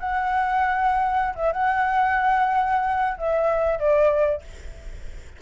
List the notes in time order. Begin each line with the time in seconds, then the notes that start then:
0.00 F#5
1.36 E5
1.53 F#5
3.18 E5
3.80 D5